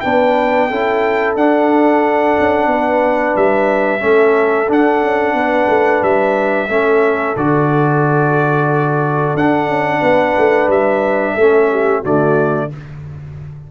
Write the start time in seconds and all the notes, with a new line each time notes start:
0.00 B3 D4 B4 G5
0.68 C#4 E4 A4
1.35 D4 F#5
2.39 C#4
2.66 B3 B4
3.36 G3 E5
3.99 A3 C#4 A4
4.68 D4 F#5
5.02 C#4
5.33 B3 B4
5.69 A3
6.02 G3 E5
6.68 A3 C#4 A4
7.36 D3 F#4 D5
9.34 D4 F#5
9.68 C#4
10.00 B3 B4
10.37 A3
10.68 G3 E5
11.35 A3 C#4 A4
11.71 G4
12.01 D3 A3 F#4 D5